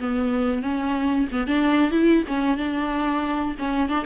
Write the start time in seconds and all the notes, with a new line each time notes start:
0.00 B3
0.63 C#4
1.32 B3
1.47 D4
1.92 E4
2.28 C#4
2.57 D4
3.59 C#4
3.89 D4